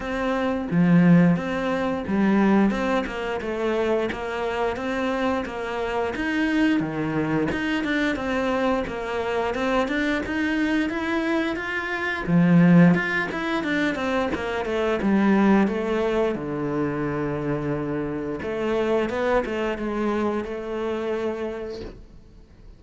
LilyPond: \new Staff \with { instrumentName = "cello" } { \time 4/4 \tempo 4 = 88 c'4 f4 c'4 g4 | c'8 ais8 a4 ais4 c'4 | ais4 dis'4 dis4 dis'8 d'8 | c'4 ais4 c'8 d'8 dis'4 |
e'4 f'4 f4 f'8 e'8 | d'8 c'8 ais8 a8 g4 a4 | d2. a4 | b8 a8 gis4 a2 | }